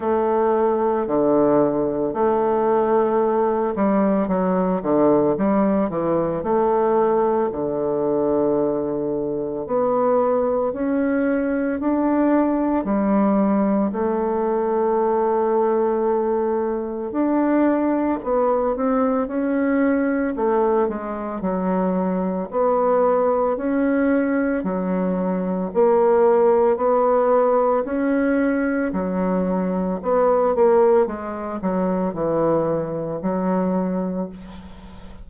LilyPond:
\new Staff \with { instrumentName = "bassoon" } { \time 4/4 \tempo 4 = 56 a4 d4 a4. g8 | fis8 d8 g8 e8 a4 d4~ | d4 b4 cis'4 d'4 | g4 a2. |
d'4 b8 c'8 cis'4 a8 gis8 | fis4 b4 cis'4 fis4 | ais4 b4 cis'4 fis4 | b8 ais8 gis8 fis8 e4 fis4 | }